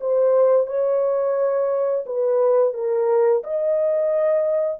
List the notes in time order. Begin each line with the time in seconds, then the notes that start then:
0.00 C5
0.67 C#5
2.06 B4
2.74 A#4
3.44 D#5